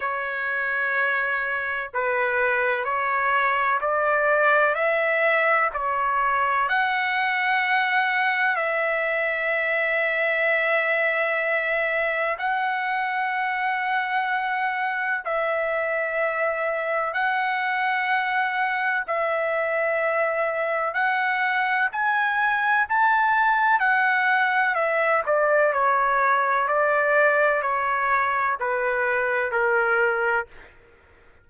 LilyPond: \new Staff \with { instrumentName = "trumpet" } { \time 4/4 \tempo 4 = 63 cis''2 b'4 cis''4 | d''4 e''4 cis''4 fis''4~ | fis''4 e''2.~ | e''4 fis''2. |
e''2 fis''2 | e''2 fis''4 gis''4 | a''4 fis''4 e''8 d''8 cis''4 | d''4 cis''4 b'4 ais'4 | }